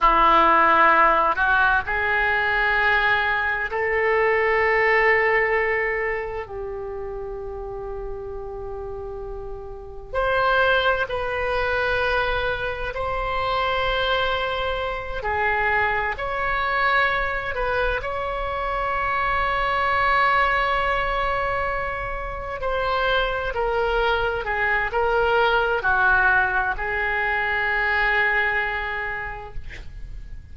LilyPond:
\new Staff \with { instrumentName = "oboe" } { \time 4/4 \tempo 4 = 65 e'4. fis'8 gis'2 | a'2. g'4~ | g'2. c''4 | b'2 c''2~ |
c''8 gis'4 cis''4. b'8 cis''8~ | cis''1~ | cis''8 c''4 ais'4 gis'8 ais'4 | fis'4 gis'2. | }